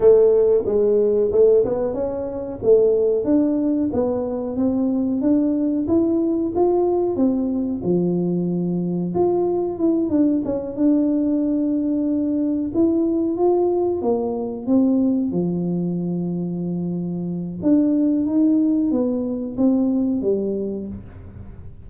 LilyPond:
\new Staff \with { instrumentName = "tuba" } { \time 4/4 \tempo 4 = 92 a4 gis4 a8 b8 cis'4 | a4 d'4 b4 c'4 | d'4 e'4 f'4 c'4 | f2 f'4 e'8 d'8 |
cis'8 d'2. e'8~ | e'8 f'4 ais4 c'4 f8~ | f2. d'4 | dis'4 b4 c'4 g4 | }